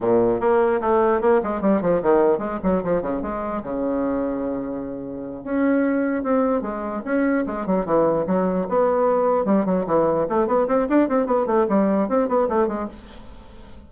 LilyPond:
\new Staff \with { instrumentName = "bassoon" } { \time 4/4 \tempo 4 = 149 ais,4 ais4 a4 ais8 gis8 | g8 f8 dis4 gis8 fis8 f8 cis8 | gis4 cis2.~ | cis4. cis'2 c'8~ |
c'8 gis4 cis'4 gis8 fis8 e8~ | e8 fis4 b2 g8 | fis8 e4 a8 b8 c'8 d'8 c'8 | b8 a8 g4 c'8 b8 a8 gis8 | }